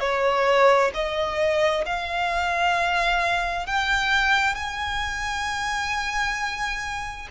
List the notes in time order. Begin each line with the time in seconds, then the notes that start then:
0.00 C#5
0.94 D#5
1.86 F5
3.66 G5
4.55 G#5